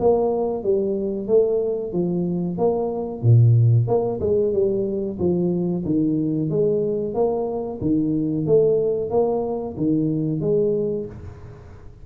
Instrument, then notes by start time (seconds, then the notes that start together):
tuba
0.00 A#3
0.64 G3
1.28 A3
1.93 F3
2.58 A#3
3.23 A#2
3.87 A#3
4.21 G#3
4.53 G3
5.19 F3
5.85 D#3
6.50 G#3
7.14 A#3
7.81 D#3
8.47 A3
9.10 A#3
9.77 D#3
10.41 G#3